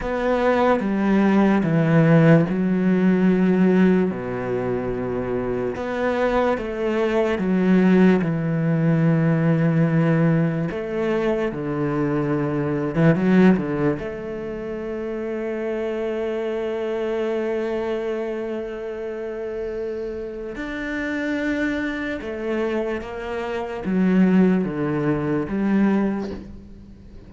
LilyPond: \new Staff \with { instrumentName = "cello" } { \time 4/4 \tempo 4 = 73 b4 g4 e4 fis4~ | fis4 b,2 b4 | a4 fis4 e2~ | e4 a4 d4.~ d16 e16 |
fis8 d8 a2.~ | a1~ | a4 d'2 a4 | ais4 fis4 d4 g4 | }